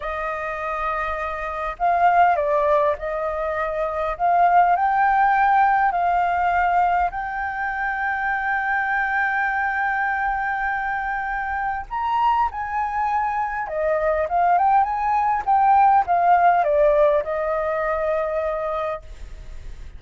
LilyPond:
\new Staff \with { instrumentName = "flute" } { \time 4/4 \tempo 4 = 101 dis''2. f''4 | d''4 dis''2 f''4 | g''2 f''2 | g''1~ |
g''1 | ais''4 gis''2 dis''4 | f''8 g''8 gis''4 g''4 f''4 | d''4 dis''2. | }